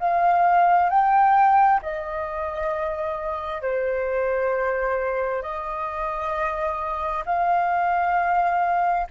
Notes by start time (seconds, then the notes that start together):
0.00 F5
0.90 G5
1.83 D#5
3.62 C5
5.43 D#5
7.26 F5